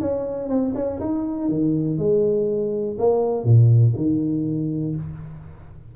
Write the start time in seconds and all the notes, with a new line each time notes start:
0.00 C#4
0.49 C4
0.75 C#4
1.00 D#4
1.49 D#3
1.98 G#3
2.98 A#3
3.44 A#2
3.96 D#3